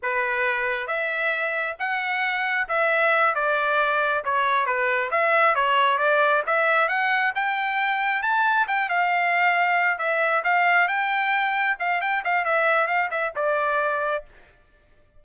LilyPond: \new Staff \with { instrumentName = "trumpet" } { \time 4/4 \tempo 4 = 135 b'2 e''2 | fis''2 e''4. d''8~ | d''4. cis''4 b'4 e''8~ | e''8 cis''4 d''4 e''4 fis''8~ |
fis''8 g''2 a''4 g''8 | f''2~ f''8 e''4 f''8~ | f''8 g''2 f''8 g''8 f''8 | e''4 f''8 e''8 d''2 | }